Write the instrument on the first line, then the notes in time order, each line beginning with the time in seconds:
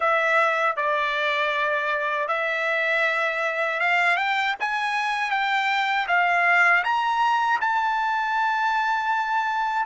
trumpet
0.00 E5
0.76 D5
2.28 E5
3.80 F5
4.16 G5
4.59 G#5
5.30 G5
6.07 F5
6.84 A#5
7.61 A5